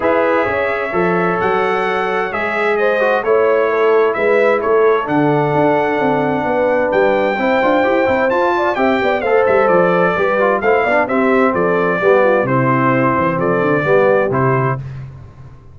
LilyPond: <<
  \new Staff \with { instrumentName = "trumpet" } { \time 4/4 \tempo 4 = 130 e''2. fis''4~ | fis''4 e''4 dis''4 cis''4~ | cis''4 e''4 cis''4 fis''4~ | fis''2. g''4~ |
g''2 a''4 g''4 | f''8 e''8 d''2 f''4 | e''4 d''2 c''4~ | c''4 d''2 c''4 | }
  \new Staff \with { instrumentName = "horn" } { \time 4/4 b'4 cis''2.~ | cis''2 c''4 cis''4 | a'4 b'4 a'2~ | a'2 b'2 |
c''2~ c''8 d''8 e''8 d''8 | c''2 b'4 c''8 d''8 | g'4 a'4 g'8 f'8 e'4~ | e'4 a'4 g'2 | }
  \new Staff \with { instrumentName = "trombone" } { \time 4/4 gis'2 a'2~ | a'4 gis'4. fis'8 e'4~ | e'2. d'4~ | d'1 |
e'8 f'8 g'8 e'8 f'4 g'4 | a'2 g'8 f'8 e'8 d'8 | c'2 b4 c'4~ | c'2 b4 e'4 | }
  \new Staff \with { instrumentName = "tuba" } { \time 4/4 e'4 cis'4 f4 fis4~ | fis4 gis2 a4~ | a4 gis4 a4 d4 | d'4 c'4 b4 g4 |
c'8 d'8 e'8 c'8 f'4 c'8 b8 | a8 g8 f4 g4 a8 b8 | c'4 f4 g4 c4~ | c8 e8 f8 d8 g4 c4 | }
>>